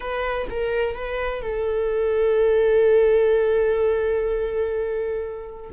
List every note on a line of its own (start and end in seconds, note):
0.00 0.47 B4
0.50 0.95 A#4
0.95 1.42 B4
1.42 5.70 A4